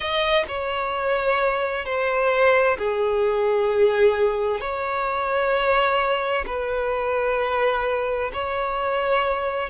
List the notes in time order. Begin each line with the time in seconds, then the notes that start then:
0.00 D#5
0.48 C#5
1.85 C5
2.77 G#4
4.60 C#5
6.46 B4
8.33 C#5